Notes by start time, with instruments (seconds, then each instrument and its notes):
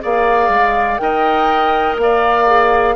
0.00 bassoon A#3, clarinet G#4, oboe D5, flute F5
0.49 bassoon G#3
0.97 bassoon D#4, clarinet A#4, oboe D#5, flute G5
1.97 bassoon A#3, oboe D5, flute F5
2.46 clarinet G#4